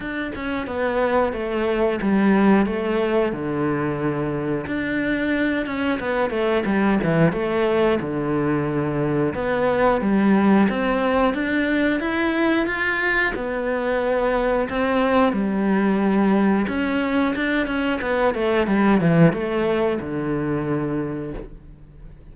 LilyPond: \new Staff \with { instrumentName = "cello" } { \time 4/4 \tempo 4 = 90 d'8 cis'8 b4 a4 g4 | a4 d2 d'4~ | d'8 cis'8 b8 a8 g8 e8 a4 | d2 b4 g4 |
c'4 d'4 e'4 f'4 | b2 c'4 g4~ | g4 cis'4 d'8 cis'8 b8 a8 | g8 e8 a4 d2 | }